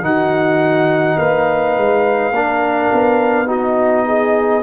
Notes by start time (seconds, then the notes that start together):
0.00 D#3 D#4 F#4 F#5
1.17 A#3 B4 F5
1.76 G#3
2.30 A#3 D4 A#4
2.92 B3
3.46 D#4 F#4 D#5
4.06 G#4